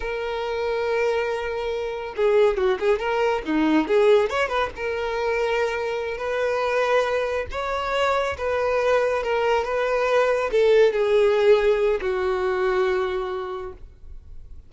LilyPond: \new Staff \with { instrumentName = "violin" } { \time 4/4 \tempo 4 = 140 ais'1~ | ais'4 gis'4 fis'8 gis'8 ais'4 | dis'4 gis'4 cis''8 b'8 ais'4~ | ais'2~ ais'8 b'4.~ |
b'4. cis''2 b'8~ | b'4. ais'4 b'4.~ | b'8 a'4 gis'2~ gis'8 | fis'1 | }